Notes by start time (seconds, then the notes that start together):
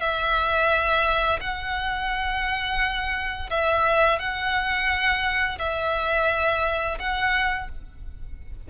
0.00 E5
1.40 F#5
3.50 E5
4.19 F#5
5.59 E5
6.99 F#5